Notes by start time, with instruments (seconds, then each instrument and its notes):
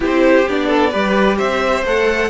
0.00 cello C4, viola E4, violin G4 C5
0.47 cello B3, viola D4, violin D5
0.67 violin A4
0.90 cello G3, viola G4, violin B4
1.37 cello C4, violin C5 E5
1.84 cello A3, viola A4, violin F#5